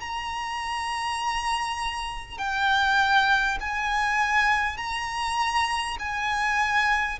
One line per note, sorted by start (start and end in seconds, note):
0.00 2.38 A#5
2.38 3.58 G5
3.61 4.77 G#5
4.77 5.97 A#5
5.99 7.19 G#5